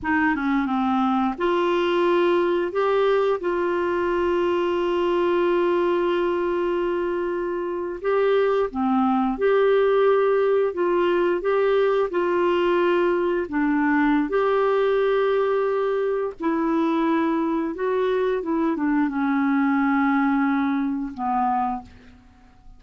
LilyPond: \new Staff \with { instrumentName = "clarinet" } { \time 4/4 \tempo 4 = 88 dis'8 cis'8 c'4 f'2 | g'4 f'2.~ | f'2.~ f'8. g'16~ | g'8. c'4 g'2 f'16~ |
f'8. g'4 f'2 d'16~ | d'4 g'2. | e'2 fis'4 e'8 d'8 | cis'2. b4 | }